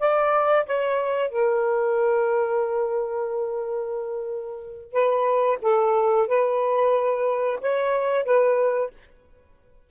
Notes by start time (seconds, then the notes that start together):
0.00 D5
0.66 C#5
1.30 A#4
4.92 B4
5.62 A4
6.28 B4
7.61 C#5
8.24 B4